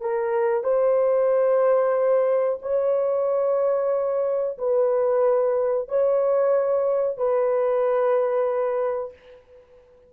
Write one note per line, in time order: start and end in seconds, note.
0.00 0.63 A#4
0.63 2.59 C5
2.62 4.57 C#5
4.58 5.88 B4
5.88 7.17 C#5
7.17 9.12 B4